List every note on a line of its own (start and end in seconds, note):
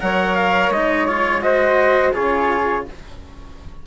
0.00 0.70 F#3
0.00 0.72 A#4
0.00 1.44 C#5
0.00 0.35 F#5
0.35 0.71 F5
0.70 2.13 G#3
0.70 1.08 D#4
0.70 1.06 D#5
1.06 1.41 F4
1.06 1.41 C#5
1.41 2.12 F#4
1.41 2.13 C5
1.41 2.14 D#5
2.13 2.86 C#3
2.13 2.85 F4
2.13 2.84 G#4
2.13 2.86 C#5